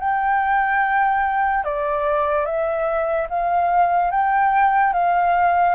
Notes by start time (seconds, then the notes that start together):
0.00 G5
1.64 D5
2.45 E5
3.30 F5
4.11 G5
4.94 F5